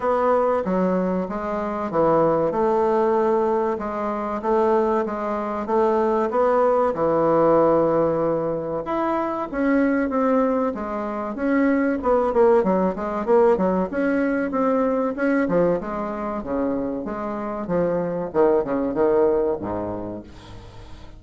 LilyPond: \new Staff \with { instrumentName = "bassoon" } { \time 4/4 \tempo 4 = 95 b4 fis4 gis4 e4 | a2 gis4 a4 | gis4 a4 b4 e4~ | e2 e'4 cis'4 |
c'4 gis4 cis'4 b8 ais8 | fis8 gis8 ais8 fis8 cis'4 c'4 | cis'8 f8 gis4 cis4 gis4 | f4 dis8 cis8 dis4 gis,4 | }